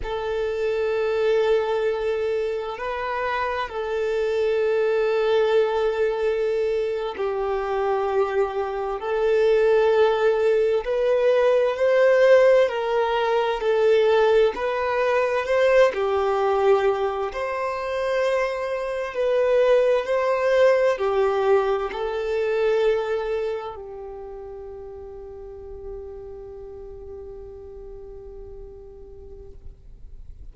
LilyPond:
\new Staff \with { instrumentName = "violin" } { \time 4/4 \tempo 4 = 65 a'2. b'4 | a'2.~ a'8. g'16~ | g'4.~ g'16 a'2 b'16~ | b'8. c''4 ais'4 a'4 b'16~ |
b'8. c''8 g'4. c''4~ c''16~ | c''8. b'4 c''4 g'4 a'16~ | a'4.~ a'16 g'2~ g'16~ | g'1 | }